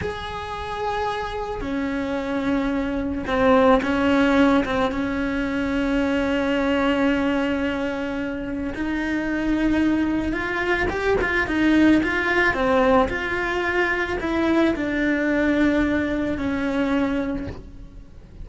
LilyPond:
\new Staff \with { instrumentName = "cello" } { \time 4/4 \tempo 4 = 110 gis'2. cis'4~ | cis'2 c'4 cis'4~ | cis'8 c'8 cis'2.~ | cis'1 |
dis'2. f'4 | g'8 f'8 dis'4 f'4 c'4 | f'2 e'4 d'4~ | d'2 cis'2 | }